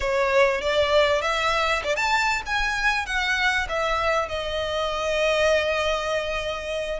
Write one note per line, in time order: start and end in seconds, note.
0.00 0.61 C#5
0.61 1.21 D5
1.21 1.82 E5
1.84 1.96 D5
1.96 2.42 A5
2.46 3.06 G#5
3.06 3.67 F#5
3.68 4.28 E5
4.28 7.00 D#5